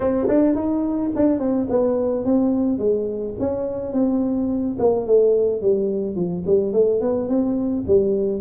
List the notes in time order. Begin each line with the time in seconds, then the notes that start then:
0.00 C4
0.28 D4
0.55 D#4
1.15 D4
1.39 C4
1.69 B3
2.24 C4
2.78 G#3
3.39 C#4
3.92 C4
4.78 A#3
5.06 A3
5.61 G3
6.15 F3
6.46 G3
6.72 A3
7.00 B3
7.28 C4
7.87 G3